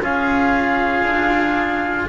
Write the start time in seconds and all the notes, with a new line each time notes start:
0.00 C#4 F4 G#4 F5
1.03 D4